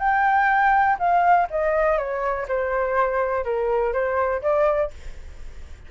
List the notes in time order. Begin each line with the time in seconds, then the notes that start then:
0.00 G5
0.99 F5
1.51 D#5
1.98 C#5
2.49 C5
3.45 A#4
3.93 C5
4.43 D5